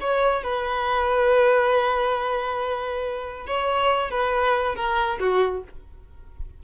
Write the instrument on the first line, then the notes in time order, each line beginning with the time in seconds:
violin
0.00 C#5
0.43 B4
3.46 C#5
4.10 B4
4.75 A#4
5.20 F#4